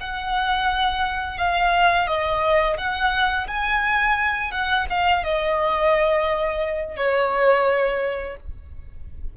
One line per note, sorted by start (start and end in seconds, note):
0.00 1.38 F#5
1.38 2.07 F5
2.07 2.77 D#5
2.77 3.47 F#5
3.47 4.51 G#5
4.51 4.86 F#5
4.90 5.23 F5
5.23 6.96 D#5
6.96 8.36 C#5